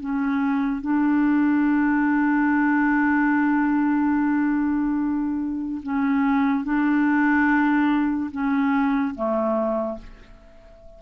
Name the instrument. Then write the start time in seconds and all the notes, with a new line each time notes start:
clarinet
0.00 C#4
0.81 D4
5.83 C#4
6.64 D4
8.31 C#4
9.15 A3